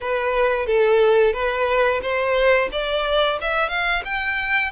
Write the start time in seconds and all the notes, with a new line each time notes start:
0.00 B4
0.66 A4
1.33 B4
2.01 C5
2.72 D5
3.41 E5
3.69 F5
4.04 G5